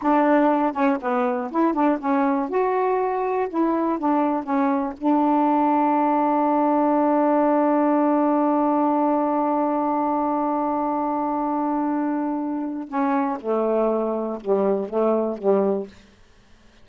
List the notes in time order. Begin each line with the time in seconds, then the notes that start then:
0.02 D4
0.72 C#4
1.01 B3
1.51 E4
1.73 D4
1.99 C#4
2.49 F#4
3.49 E4
3.98 D4
4.43 C#4
4.97 D4
12.88 C#4
13.40 A3
14.40 G3
14.89 A3
15.37 G3